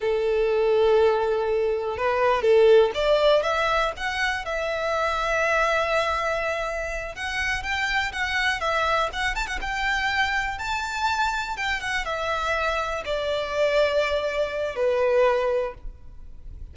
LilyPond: \new Staff \with { instrumentName = "violin" } { \time 4/4 \tempo 4 = 122 a'1 | b'4 a'4 d''4 e''4 | fis''4 e''2.~ | e''2~ e''8 fis''4 g''8~ |
g''8 fis''4 e''4 fis''8 a''16 fis''16 g''8~ | g''4. a''2 g''8 | fis''8 e''2 d''4.~ | d''2 b'2 | }